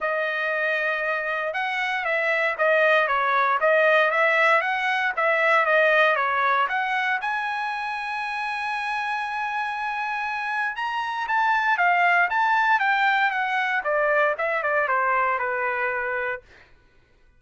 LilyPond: \new Staff \with { instrumentName = "trumpet" } { \time 4/4 \tempo 4 = 117 dis''2. fis''4 | e''4 dis''4 cis''4 dis''4 | e''4 fis''4 e''4 dis''4 | cis''4 fis''4 gis''2~ |
gis''1~ | gis''4 ais''4 a''4 f''4 | a''4 g''4 fis''4 d''4 | e''8 d''8 c''4 b'2 | }